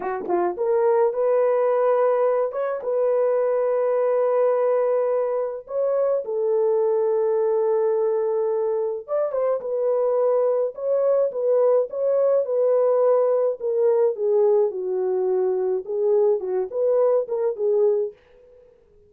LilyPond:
\new Staff \with { instrumentName = "horn" } { \time 4/4 \tempo 4 = 106 fis'8 f'8 ais'4 b'2~ | b'8 cis''8 b'2.~ | b'2 cis''4 a'4~ | a'1 |
d''8 c''8 b'2 cis''4 | b'4 cis''4 b'2 | ais'4 gis'4 fis'2 | gis'4 fis'8 b'4 ais'8 gis'4 | }